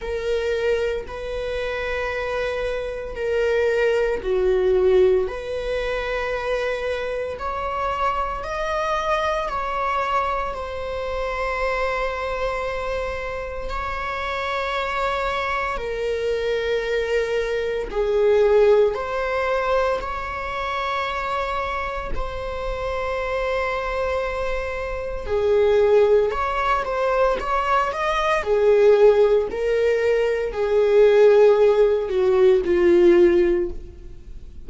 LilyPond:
\new Staff \with { instrumentName = "viola" } { \time 4/4 \tempo 4 = 57 ais'4 b'2 ais'4 | fis'4 b'2 cis''4 | dis''4 cis''4 c''2~ | c''4 cis''2 ais'4~ |
ais'4 gis'4 c''4 cis''4~ | cis''4 c''2. | gis'4 cis''8 c''8 cis''8 dis''8 gis'4 | ais'4 gis'4. fis'8 f'4 | }